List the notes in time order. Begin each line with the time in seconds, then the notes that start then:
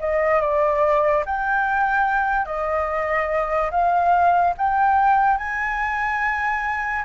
0.00 D#5
0.41 D5
1.26 G5
2.46 D#5
3.71 F5
4.58 G5
5.38 G#5